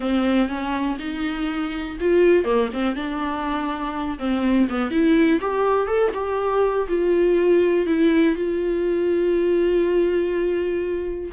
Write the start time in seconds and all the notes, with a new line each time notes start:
0.00 C4
0.48 C#4
0.98 D#4
2.00 F4
2.44 A#3
2.73 C4
2.95 D4
4.18 C4
4.69 B3
4.90 E4
5.41 G4
5.87 A4
6.13 G4
6.88 F4
7.86 E4
8.35 F4